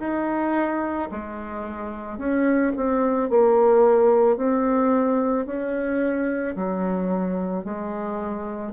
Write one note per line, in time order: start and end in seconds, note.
0.00 1.09 D#4
1.12 2.18 G#3
2.18 2.73 C#4
2.77 3.30 C4
3.30 4.37 A#3
4.37 5.46 C4
5.46 6.56 C#4
6.56 7.65 F#3
7.65 8.73 G#3